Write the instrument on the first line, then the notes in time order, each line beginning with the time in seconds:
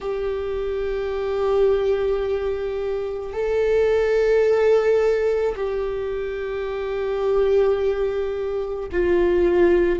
viola
0.00 G4
3.33 A4
5.56 G4
8.91 F4